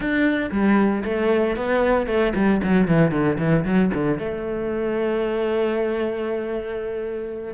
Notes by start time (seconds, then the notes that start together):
0.00 D4
0.51 G3
1.04 A3
1.56 B3
2.07 A3
2.35 G3
2.63 F#3
2.87 E3
3.11 D3
3.38 E3
3.65 F#3
3.94 D3
4.19 A3